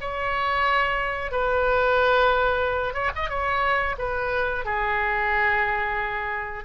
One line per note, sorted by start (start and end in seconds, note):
0.00 1.31 C#5
1.31 2.93 B4
2.93 3.10 C#5
3.15 3.29 D#5
3.29 3.95 C#5
3.98 4.65 B4
4.65 6.64 G#4